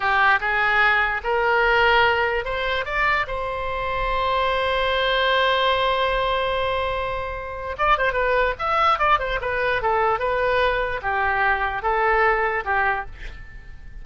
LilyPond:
\new Staff \with { instrumentName = "oboe" } { \time 4/4 \tempo 4 = 147 g'4 gis'2 ais'4~ | ais'2 c''4 d''4 | c''1~ | c''1~ |
c''2. d''8 c''8 | b'4 e''4 d''8 c''8 b'4 | a'4 b'2 g'4~ | g'4 a'2 g'4 | }